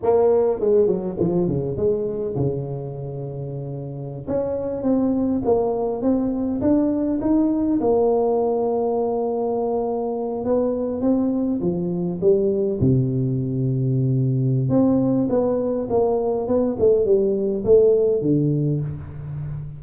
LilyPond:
\new Staff \with { instrumentName = "tuba" } { \time 4/4 \tempo 4 = 102 ais4 gis8 fis8 f8 cis8 gis4 | cis2.~ cis16 cis'8.~ | cis'16 c'4 ais4 c'4 d'8.~ | d'16 dis'4 ais2~ ais8.~ |
ais4.~ ais16 b4 c'4 f16~ | f8. g4 c2~ c16~ | c4 c'4 b4 ais4 | b8 a8 g4 a4 d4 | }